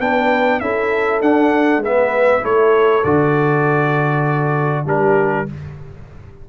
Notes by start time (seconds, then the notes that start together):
0.00 B3 D4 B4 G5
0.60 C#4 E4 A4 E5
1.21 D4 F#5
1.77 G#3 B3 B4
1.85 E5
2.42 A3 E4 A4 C#5
3.04 D3 F#4 D5
4.86 G3 D4 G4 A#4